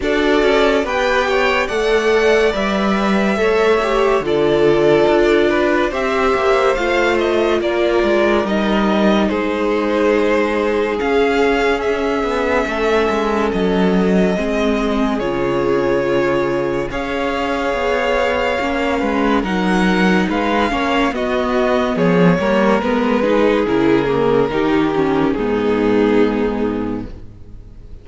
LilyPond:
<<
  \new Staff \with { instrumentName = "violin" } { \time 4/4 \tempo 4 = 71 d''4 g''4 fis''4 e''4~ | e''4 d''2 e''4 | f''8 dis''8 d''4 dis''4 c''4~ | c''4 f''4 e''2 |
dis''2 cis''2 | f''2. fis''4 | f''4 dis''4 cis''4 b'4 | ais'2 gis'2 | }
  \new Staff \with { instrumentName = "violin" } { \time 4/4 a'4 b'8 cis''8 d''2 | cis''4 a'4. b'8 c''4~ | c''4 ais'2 gis'4~ | gis'2. a'4~ |
a'4 gis'2. | cis''2~ cis''8 b'8 ais'4 | b'8 cis''8 fis'4 gis'8 ais'4 gis'8~ | gis'4 g'4 dis'2 | }
  \new Staff \with { instrumentName = "viola" } { \time 4/4 fis'4 g'4 a'4 b'4 | a'8 g'8 f'2 g'4 | f'2 dis'2~ | dis'4 cis'2.~ |
cis'4 c'4 f'2 | gis'2 cis'4 dis'4~ | dis'8 cis'8 b4. ais8 b8 dis'8 | e'8 ais8 dis'8 cis'8 b2 | }
  \new Staff \with { instrumentName = "cello" } { \time 4/4 d'8 cis'8 b4 a4 g4 | a4 d4 d'4 c'8 ais8 | a4 ais8 gis8 g4 gis4~ | gis4 cis'4. b8 a8 gis8 |
fis4 gis4 cis2 | cis'4 b4 ais8 gis8 fis4 | gis8 ais8 b4 f8 g8 gis4 | cis4 dis4 gis,2 | }
>>